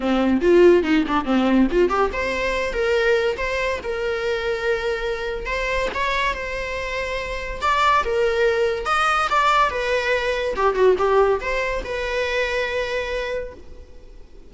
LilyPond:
\new Staff \with { instrumentName = "viola" } { \time 4/4 \tempo 4 = 142 c'4 f'4 dis'8 d'8 c'4 | f'8 g'8 c''4. ais'4. | c''4 ais'2.~ | ais'4 c''4 cis''4 c''4~ |
c''2 d''4 ais'4~ | ais'4 dis''4 d''4 b'4~ | b'4 g'8 fis'8 g'4 c''4 | b'1 | }